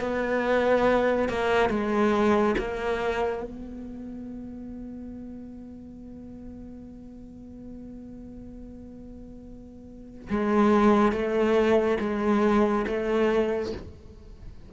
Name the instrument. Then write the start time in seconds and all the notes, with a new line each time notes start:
cello
0.00 B3
1.29 A#3
1.69 G#3
2.58 A#3
3.43 B3
10.30 G#3
11.12 A3
12.00 G#3
12.86 A3